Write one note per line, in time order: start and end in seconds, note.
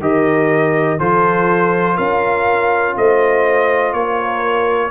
0.00 0.98 D#3
0.00 0.99 G4
0.00 0.99 A#4
0.00 0.99 D#5
0.99 1.98 F3
0.99 4.91 F4
0.99 1.95 A4
0.99 1.97 C5
1.95 2.96 C#4
1.95 2.94 A#4
1.95 2.95 F5
2.96 3.93 A3
2.96 3.95 C5
2.96 3.93 D#5
3.93 4.91 A#3
3.93 4.91 A#4
3.93 4.91 C#5